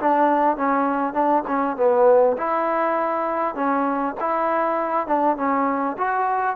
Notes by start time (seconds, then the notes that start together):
0.00 D4
0.57 C#4
1.14 D4
1.48 C#4
1.77 B3
2.38 E4
3.55 C#4
4.21 E4
5.08 D4
5.37 C#4
5.98 F#4